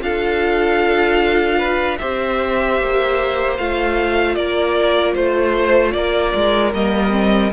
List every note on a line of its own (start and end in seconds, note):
0.00 1.99 D4
0.00 1.97 F4
0.00 1.58 A4
0.00 1.98 F5
1.58 1.97 B4
1.98 2.80 C4
1.98 3.58 G4
1.98 4.36 C5
1.98 3.55 E5
2.80 3.59 A#3
3.57 4.36 A3
3.57 6.74 F4
3.57 4.35 F5
4.35 5.15 A#3
4.35 5.14 A#4
4.35 5.13 D5
5.14 5.94 A3
5.14 5.91 C5
5.14 5.93 C5
5.91 6.33 A#3
5.91 7.52 A#4
5.91 6.70 D5
6.34 6.73 G#3
6.73 7.52 G3
6.73 7.10 A#3
6.73 7.52 D#5
7.10 7.50 C4